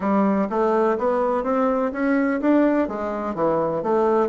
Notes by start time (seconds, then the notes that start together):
0.00 G3
0.49 A3
0.98 B3
1.43 C4
1.92 C#4
2.40 D4
2.88 G#3
3.34 E3
3.82 A3